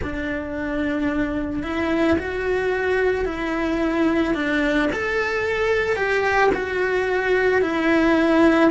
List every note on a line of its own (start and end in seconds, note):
0.02 1.63 D4
1.63 2.17 E4
2.18 3.25 F#4
3.25 4.34 E4
4.34 4.88 D4
4.92 5.96 A4
5.96 6.50 G4
6.54 7.61 F#4
7.61 8.70 E4